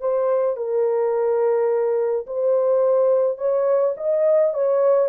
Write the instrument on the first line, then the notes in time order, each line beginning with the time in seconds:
horn
0.00 C5
0.56 A#4
2.26 C5
3.38 C#5
3.97 D#5
4.54 C#5